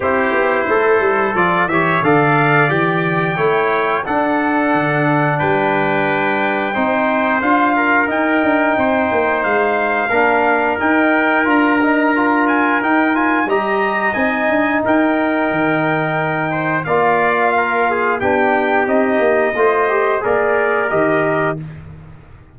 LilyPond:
<<
  \new Staff \with { instrumentName = "trumpet" } { \time 4/4 \tempo 4 = 89 c''2 d''8 e''8 f''4 | g''2 fis''2 | g''2. f''4 | g''2 f''2 |
g''4 ais''4. gis''8 g''8 gis''8 | ais''4 gis''4 g''2~ | g''4 f''2 g''4 | dis''2 d''4 dis''4 | }
  \new Staff \with { instrumentName = "trumpet" } { \time 4/4 g'4 a'4. cis''8 d''4~ | d''4 cis''4 a'2 | b'2 c''4. ais'8~ | ais'4 c''2 ais'4~ |
ais'1 | dis''2 ais'2~ | ais'8 c''8 d''4 ais'8 gis'8 g'4~ | g'4 c''4 ais'2 | }
  \new Staff \with { instrumentName = "trombone" } { \time 4/4 e'2 f'8 g'8 a'4 | g'4 e'4 d'2~ | d'2 dis'4 f'4 | dis'2. d'4 |
dis'4 f'8 dis'8 f'4 dis'8 f'8 | g'4 dis'2.~ | dis'4 f'2 d'4 | dis'4 f'8 g'8 gis'4 g'4 | }
  \new Staff \with { instrumentName = "tuba" } { \time 4/4 c'8 b8 a8 g8 f8 e8 d4 | e4 a4 d'4 d4 | g2 c'4 d'4 | dis'8 d'8 c'8 ais8 gis4 ais4 |
dis'4 d'2 dis'4 | g4 c'8 d'8 dis'4 dis4~ | dis4 ais2 b4 | c'8 ais8 a4 ais4 dis4 | }
>>